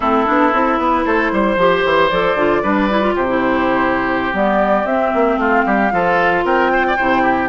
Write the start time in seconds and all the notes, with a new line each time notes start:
0.00 A3 C4 E4 A4
0.26 B3 D4
0.52 C4 E4
0.78 B3 B4
1.05 A3 A4 C5
1.32 G3 C5
1.56 F3 G4
1.84 E3
2.09 F3 A4 D5
2.35 D3 F4
2.62 G3 D4 B4
2.89 E4
3.01 F4
3.14 C3 G4 C5
3.27 E4
4.32 G3 B3 D5
4.84 C4 E5
5.13 A#3
5.36 A3 F4 F5
5.65 G3 G4
5.90 F3 F4 A4
6.43 C4 A#4 G5
6.73 C5
6.87 D5
6.96 C3 E4 C5
7.22 G4